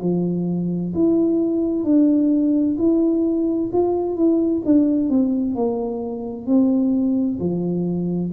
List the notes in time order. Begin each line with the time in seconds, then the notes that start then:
0.00 F3
0.94 E4
1.84 D4
2.78 E4
3.72 F4
4.16 E4
4.65 D4
5.09 C4
5.55 A#3
6.46 C4
7.40 F3